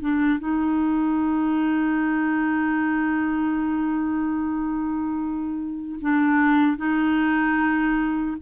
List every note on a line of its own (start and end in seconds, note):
0.00 0.39 D4
0.39 5.99 D#4
6.01 6.77 D4
6.77 8.37 D#4